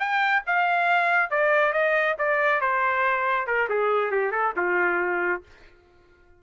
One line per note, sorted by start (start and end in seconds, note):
0.00 0.43 G5
0.47 1.31 F5
1.31 1.73 D5
1.73 2.16 D#5
2.19 2.61 D5
2.61 3.47 C5
3.47 3.69 A#4
3.70 4.11 G#4
4.11 4.32 G4
4.32 4.54 A4
4.57 5.43 F4